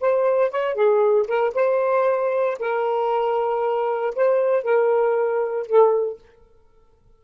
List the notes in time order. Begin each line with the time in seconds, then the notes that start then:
0.00 C5
0.51 C#5
0.74 G#4
1.27 A#4
1.54 C5
2.59 A#4
4.15 C5
4.63 A#4
5.66 A4